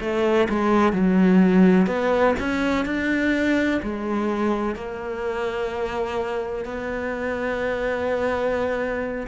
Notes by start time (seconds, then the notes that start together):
0.00 A3
0.49 G#3
0.93 F#3
1.87 B3
2.39 C#4
2.85 D4
3.82 G#3
4.75 A#3
6.65 B3